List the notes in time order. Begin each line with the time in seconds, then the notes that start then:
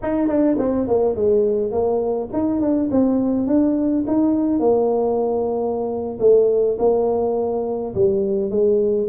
0.02 D#4
0.28 D4
0.58 C4
0.87 A#3
1.15 G#3
1.71 A#3
2.33 D#4
2.60 D4
2.91 C4
3.46 D4
4.07 D#4
4.59 A#3
6.19 A3
6.78 A#3
7.94 G3
8.50 G#3